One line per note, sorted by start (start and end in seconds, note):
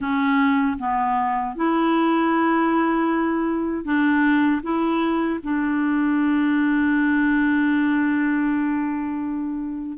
0.00 0.77 C#4
0.79 1.55 B3
1.55 3.84 E4
3.84 4.61 D4
4.62 5.39 E4
5.43 9.98 D4